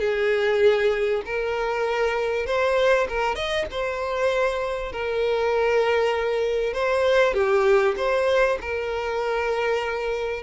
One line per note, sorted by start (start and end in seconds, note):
0.00 1.22 G#4
1.26 2.46 A#4
2.46 3.08 C5
3.09 3.36 A#4
3.36 3.66 D#5
3.71 4.92 C5
4.92 6.74 A#4
6.74 7.34 C5
7.34 7.95 G4
7.97 8.59 C5
8.61 10.43 A#4